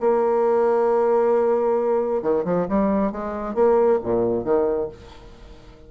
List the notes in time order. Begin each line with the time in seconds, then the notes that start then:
0.00 A#3
2.22 D#3
2.44 F3
2.68 G3
3.12 G#3
3.54 A#3
4.03 A#2
4.44 D#3